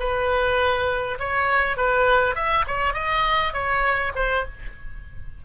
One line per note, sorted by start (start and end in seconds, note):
0.00 1.19 B4
1.20 1.77 C#5
1.77 2.36 B4
2.36 2.66 E5
2.68 2.94 C#5
2.94 3.53 D#5
3.54 4.13 C#5
4.16 4.45 C5